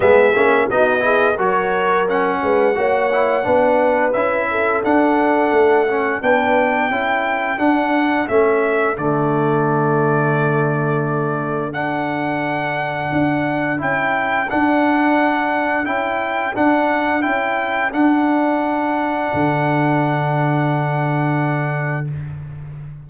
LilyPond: <<
  \new Staff \with { instrumentName = "trumpet" } { \time 4/4 \tempo 4 = 87 e''4 dis''4 cis''4 fis''4~ | fis''2 e''4 fis''4~ | fis''4 g''2 fis''4 | e''4 d''2.~ |
d''4 fis''2. | g''4 fis''2 g''4 | fis''4 g''4 fis''2~ | fis''1 | }
  \new Staff \with { instrumentName = "horn" } { \time 4/4 gis'4 fis'8 gis'8 ais'4. b'8 | cis''4 b'4. a'4.~ | a'4 b'4 a'2~ | a'1~ |
a'1~ | a'1~ | a'1~ | a'1 | }
  \new Staff \with { instrumentName = "trombone" } { \time 4/4 b8 cis'8 dis'8 e'8 fis'4 cis'4 | fis'8 e'8 d'4 e'4 d'4~ | d'8 cis'8 d'4 e'4 d'4 | cis'4 a2.~ |
a4 d'2. | e'4 d'2 e'4 | d'4 e'4 d'2~ | d'1 | }
  \new Staff \with { instrumentName = "tuba" } { \time 4/4 gis8 ais8 b4 fis4. gis8 | ais4 b4 cis'4 d'4 | a4 b4 cis'4 d'4 | a4 d2.~ |
d2. d'4 | cis'4 d'2 cis'4 | d'4 cis'4 d'2 | d1 | }
>>